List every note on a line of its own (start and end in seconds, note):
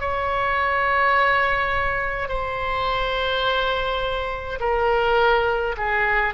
0.00 2.29 C#5
2.29 4.59 C5
4.60 5.76 A#4
5.77 6.34 G#4